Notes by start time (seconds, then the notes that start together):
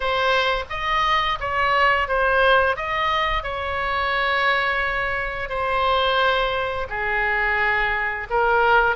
0.00 C5
0.69 D#5
1.39 C#5
2.08 C5
2.76 D#5
3.43 C#5
5.49 C5
6.89 G#4
8.29 A#4